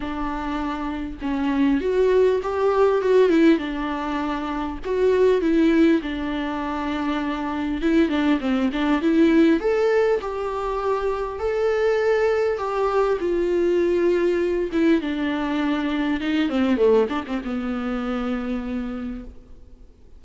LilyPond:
\new Staff \with { instrumentName = "viola" } { \time 4/4 \tempo 4 = 100 d'2 cis'4 fis'4 | g'4 fis'8 e'8 d'2 | fis'4 e'4 d'2~ | d'4 e'8 d'8 c'8 d'8 e'4 |
a'4 g'2 a'4~ | a'4 g'4 f'2~ | f'8 e'8 d'2 dis'8 c'8 | a8 d'16 c'16 b2. | }